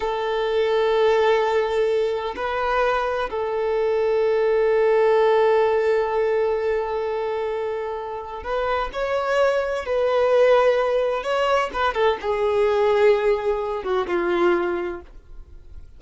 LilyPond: \new Staff \with { instrumentName = "violin" } { \time 4/4 \tempo 4 = 128 a'1~ | a'4 b'2 a'4~ | a'1~ | a'1~ |
a'2 b'4 cis''4~ | cis''4 b'2. | cis''4 b'8 a'8 gis'2~ | gis'4. fis'8 f'2 | }